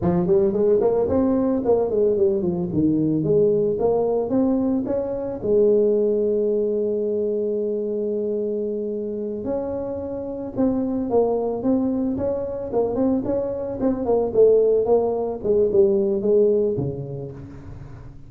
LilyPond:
\new Staff \with { instrumentName = "tuba" } { \time 4/4 \tempo 4 = 111 f8 g8 gis8 ais8 c'4 ais8 gis8 | g8 f8 dis4 gis4 ais4 | c'4 cis'4 gis2~ | gis1~ |
gis4. cis'2 c'8~ | c'8 ais4 c'4 cis'4 ais8 | c'8 cis'4 c'8 ais8 a4 ais8~ | ais8 gis8 g4 gis4 cis4 | }